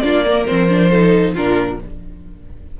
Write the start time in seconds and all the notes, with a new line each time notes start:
0.00 A#3 D4 F4 D5
0.25 A#3 A#4
0.46 F3 C4 C5
0.69 D4
0.89 D#4 A4
1.34 A#2 D4 F4 A#4